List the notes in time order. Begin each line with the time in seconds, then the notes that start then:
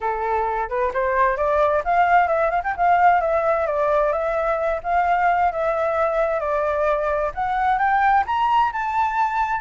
0.01 A4
0.69 B4
0.93 C5
1.37 D5
1.84 F5
2.27 E5
2.50 F5
2.63 G5
2.76 F5
3.21 E5
3.66 D5
4.12 E5
4.83 F5
5.51 E5
6.40 D5
7.34 F#5
7.78 G5
8.26 A#5
8.72 A5